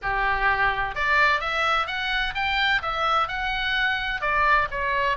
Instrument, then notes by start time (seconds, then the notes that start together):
oboe
0.02 G4
0.95 D5
1.40 E5
1.86 F#5
2.34 G5
2.81 E5
3.28 F#5
4.21 D5
4.70 C#5